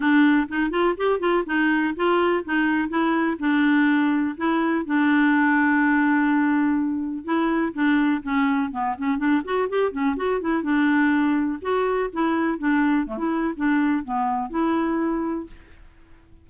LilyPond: \new Staff \with { instrumentName = "clarinet" } { \time 4/4 \tempo 4 = 124 d'4 dis'8 f'8 g'8 f'8 dis'4 | f'4 dis'4 e'4 d'4~ | d'4 e'4 d'2~ | d'2. e'4 |
d'4 cis'4 b8 cis'8 d'8 fis'8 | g'8 cis'8 fis'8 e'8 d'2 | fis'4 e'4 d'4 a16 e'8. | d'4 b4 e'2 | }